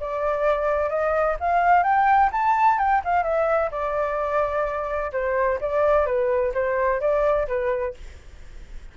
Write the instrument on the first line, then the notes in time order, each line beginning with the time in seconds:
flute
0.00 D5
0.90 D#5
1.40 F5
1.83 G5
2.32 A5
2.78 G5
3.04 F5
3.23 E5
3.71 D5
5.12 C5
5.61 D5
6.06 B4
6.54 C5
7.01 D5
7.48 B4